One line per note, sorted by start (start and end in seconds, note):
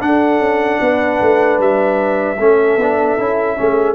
0.00 2.37 D4
0.00 0.38 D4
0.00 0.82 A4
0.00 1.59 F#5
0.38 0.78 C#4
0.81 1.20 B3
0.81 2.39 B4
1.20 1.58 A3
1.58 2.37 G3
1.58 3.95 E5
2.39 2.76 A3
2.39 2.79 C#4
2.39 3.57 A4
2.76 3.16 B3
2.76 3.18 D4
3.18 3.57 C#4
3.18 3.57 E4
3.57 3.95 A3
3.57 3.95 C#4
3.57 3.95 G#4